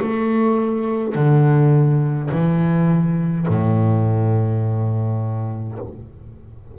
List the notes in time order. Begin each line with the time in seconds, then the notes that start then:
0.00 A3
1.14 D3
2.31 E3
3.47 A2